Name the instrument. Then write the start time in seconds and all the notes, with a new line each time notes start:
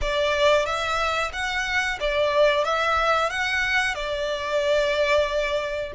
violin
0.01 D5
0.65 E5
1.32 F#5
2.00 D5
2.64 E5
3.30 F#5
3.94 D5